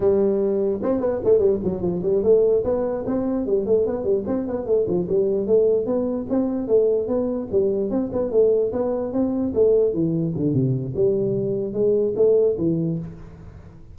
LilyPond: \new Staff \with { instrumentName = "tuba" } { \time 4/4 \tempo 4 = 148 g2 c'8 b8 a8 g8 | fis8 f8 g8 a4 b4 c'8~ | c'8 g8 a8 b8 g8 c'8 b8 a8 | f8 g4 a4 b4 c'8~ |
c'8 a4 b4 g4 c'8 | b8 a4 b4 c'4 a8~ | a8 e4 d8 c4 g4~ | g4 gis4 a4 e4 | }